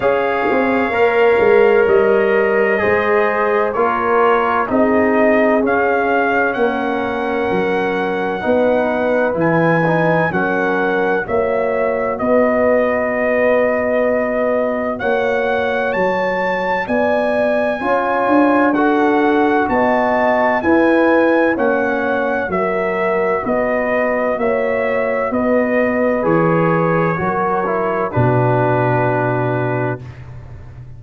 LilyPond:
<<
  \new Staff \with { instrumentName = "trumpet" } { \time 4/4 \tempo 4 = 64 f''2 dis''2 | cis''4 dis''4 f''4 fis''4~ | fis''2 gis''4 fis''4 | e''4 dis''2. |
fis''4 a''4 gis''2 | fis''4 a''4 gis''4 fis''4 | e''4 dis''4 e''4 dis''4 | cis''2 b'2 | }
  \new Staff \with { instrumentName = "horn" } { \time 4/4 cis''2. c''4 | ais'4 gis'2 ais'4~ | ais'4 b'2 ais'4 | cis''4 b'2. |
cis''2 d''4 cis''4 | a'4 dis''4 b'4 cis''4 | ais'4 b'4 cis''4 b'4~ | b'4 ais'4 fis'2 | }
  \new Staff \with { instrumentName = "trombone" } { \time 4/4 gis'4 ais'2 gis'4 | f'4 dis'4 cis'2~ | cis'4 dis'4 e'8 dis'8 cis'4 | fis'1~ |
fis'2. f'4 | fis'2 e'4 cis'4 | fis'1 | gis'4 fis'8 e'8 d'2 | }
  \new Staff \with { instrumentName = "tuba" } { \time 4/4 cis'8 c'8 ais8 gis8 g4 gis4 | ais4 c'4 cis'4 ais4 | fis4 b4 e4 fis4 | ais4 b2. |
ais4 fis4 b4 cis'8 d'8~ | d'4 b4 e'4 ais4 | fis4 b4 ais4 b4 | e4 fis4 b,2 | }
>>